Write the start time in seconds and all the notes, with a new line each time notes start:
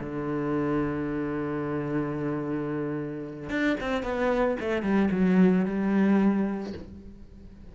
0.00 D3
3.50 D4
3.81 C4
4.03 B3
4.60 A3
4.83 G3
5.12 F#3
5.65 G3